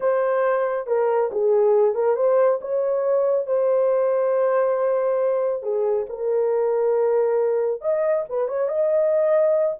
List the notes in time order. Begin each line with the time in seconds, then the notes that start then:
0.00 C5
0.87 A#4
1.31 G#4
1.95 A#4
2.16 C5
2.61 C#5
3.46 C5
5.62 G#4
6.09 A#4
7.81 D#5
8.29 B4
8.47 C#5
8.68 D#5